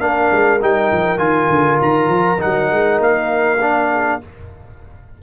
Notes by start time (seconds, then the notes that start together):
0.00 A#3 D4 A#4 F5
0.32 G#3
0.61 G3 D#4 G5
0.92 F3
1.18 D#3 F4 G#5
1.50 D3
1.82 D#3 A#5
2.08 F3
2.38 D#4 F#5
2.44 F#3
2.72 G#3
3.00 A#3 F5
3.61 D4
3.91 G#4